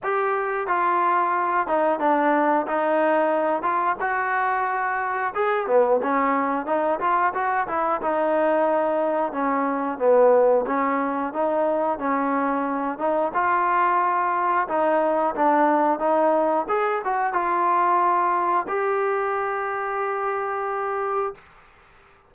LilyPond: \new Staff \with { instrumentName = "trombone" } { \time 4/4 \tempo 4 = 90 g'4 f'4. dis'8 d'4 | dis'4. f'8 fis'2 | gis'8 b8 cis'4 dis'8 f'8 fis'8 e'8 | dis'2 cis'4 b4 |
cis'4 dis'4 cis'4. dis'8 | f'2 dis'4 d'4 | dis'4 gis'8 fis'8 f'2 | g'1 | }